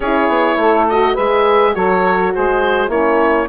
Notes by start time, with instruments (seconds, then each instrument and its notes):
0.00 bassoon C#4, horn E4, saxophone G#4, oboe C#5
0.28 bassoon B3
0.56 bassoon A3, saxophone A4
0.89 horn F#4, oboe D#5
1.13 bassoon G#3, horn G#4, saxophone B4, oboe E5
1.73 bassoon F#3, horn F#4, saxophone A4, oboe C#5
2.33 bassoon G#3, saxophone G#4, oboe C5
2.88 bassoon A#3, saxophone C#4, horn E4, oboe C#5